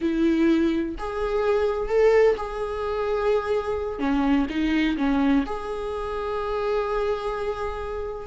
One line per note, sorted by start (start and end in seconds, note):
0.01 0.95 E4
0.98 1.89 G#4
1.89 2.36 A4
2.36 3.99 G#4
3.99 4.46 C#4
4.49 4.96 D#4
4.97 5.44 C#4
5.46 8.27 G#4